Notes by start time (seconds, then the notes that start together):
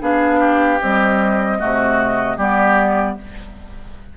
0.00 B3 D4 G#4 F5
0.39 G4
0.80 G3 C4 D#5
1.59 C3 A3 F#4
2.37 G3 B3 G4 D5